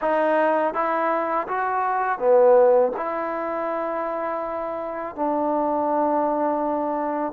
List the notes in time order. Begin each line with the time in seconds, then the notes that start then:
0.01 D#4
0.74 E4
1.47 F#4
2.19 B3
2.96 E4
5.15 D4